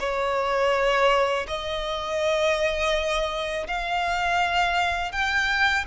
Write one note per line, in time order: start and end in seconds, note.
0.00 1.46 C#5
1.48 3.67 D#5
3.68 5.12 F5
5.12 5.85 G5